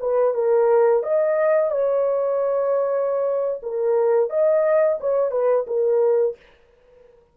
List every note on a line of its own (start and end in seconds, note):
0.00 0.34 B4
0.34 1.03 A#4
1.03 1.71 D#5
1.71 3.61 C#5
3.63 4.30 A#4
4.30 4.99 D#5
5.01 5.31 C#5
5.31 5.66 B4
5.67 6.36 A#4